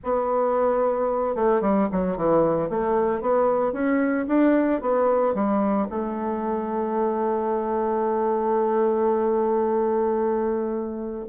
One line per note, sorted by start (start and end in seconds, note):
0.03 1.35 B3
1.35 1.61 A3
1.61 1.87 G3
1.91 2.16 F#3
2.16 2.69 E3
2.69 3.21 A3
3.21 3.73 B3
3.73 4.26 C#4
4.27 4.81 D4
4.81 5.34 B3
5.34 5.88 G3
5.89 11.25 A3